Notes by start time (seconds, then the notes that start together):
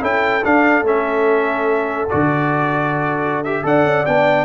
0.00 C#4 E4 A4 G5
0.44 D4 F5
0.83 A3 C#4 E5
2.09 D3 F#4 D5
3.44 G4 E5
3.63 D4 A4 D5 F#5
3.85 C#4
4.06 B3 D4 G5